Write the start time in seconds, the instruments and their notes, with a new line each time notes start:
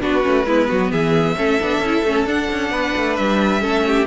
0.00 cello B3, viola D4, violin F#4 B4
0.22 cello A3, viola C#4
0.46 cello G#3, viola B3, violin E4
0.68 cello F#3, violin F#4
0.91 cello E3, violin G#4 E5
1.36 cello A3, viola C#4, violin A4
1.61 cello B3, viola D4
1.79 cello C#4, viola E4
2.03 cello A3, viola C#4
2.25 cello D4, viola D4, violin F#5
2.51 cello C#4
2.70 cello B3, violin B4
2.96 cello A3
3.16 cello G3, violin E5
3.61 cello A3, viola C#4, violin A4
3.87 violin G4